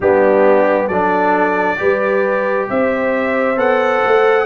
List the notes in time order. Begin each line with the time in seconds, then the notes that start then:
0.00 G3 B3 D4 G4
0.86 F#3 D4 A4 D5
1.76 G3 G4 B4
2.69 C4 C5 E5
3.56 B3 A4 F#5
4.05 A3